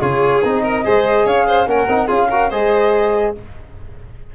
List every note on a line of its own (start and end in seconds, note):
0.00 0.43 C#3
0.00 0.42 F4
0.00 0.62 G#4
0.00 0.43 C#5
0.43 0.85 C4
0.43 0.84 D#4
0.43 1.27 D#5
0.63 0.84 A#4
0.84 1.26 G#3
0.84 1.67 G#4
0.84 1.26 C5
1.26 1.66 C#4
1.26 1.46 C#5
1.26 1.67 F5
1.47 1.68 C5
1.66 1.87 A#3
1.66 1.88 C#4
1.66 2.07 A#4
1.66 2.09 F#5
1.88 2.09 C4
1.88 2.08 D#4
2.07 2.51 C#4
2.07 2.28 F4
2.07 2.28 G#4
2.07 2.51 F5
2.30 2.51 F#4
2.30 2.50 A#4
2.50 3.34 G#3
2.50 3.35 G#4
2.50 3.33 C5
2.50 3.35 D#5